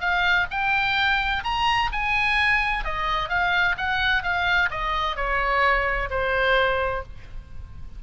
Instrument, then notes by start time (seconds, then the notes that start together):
oboe
0.00 F5
0.51 G5
1.44 A#5
1.92 G#5
2.84 D#5
3.29 F5
3.77 F#5
4.23 F5
4.71 D#5
5.16 C#5
6.10 C5